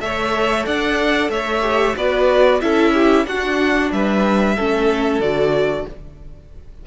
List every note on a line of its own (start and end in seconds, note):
0.00 0.66 A3
0.00 1.61 A4
0.00 0.66 C#5
0.00 0.65 E5
0.66 1.29 D4
0.66 1.31 D5
0.66 1.30 F#5
1.29 1.94 A3
1.29 1.96 C#5
1.29 1.95 E5
1.61 1.94 G4
1.96 2.61 B3
1.96 2.61 F#4
1.96 2.61 B4
1.96 2.61 D5
2.61 3.25 C#4
2.61 3.26 E4
2.61 2.93 A4
2.61 3.26 E5
2.93 3.26 G4
3.25 3.90 D4
3.25 4.57 D4
3.25 3.93 F#4
3.25 3.91 F#5
3.91 4.57 G3
3.91 4.55 B4
3.91 5.21 E5
4.55 5.19 A3
4.55 5.21 C#4
4.55 5.86 A4
5.19 5.84 D3
5.19 5.87 F#4
5.19 5.86 D5